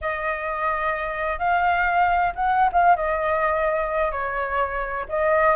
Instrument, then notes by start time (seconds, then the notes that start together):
flute
0.01 D#5
1.38 F5
2.35 F#5
2.72 F5
2.96 D#5
4.11 C#5
5.09 D#5